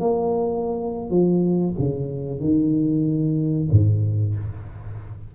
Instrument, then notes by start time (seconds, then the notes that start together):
tuba
0.00 A#3
1.10 F3
1.78 C#3
2.40 D#3
3.71 G#2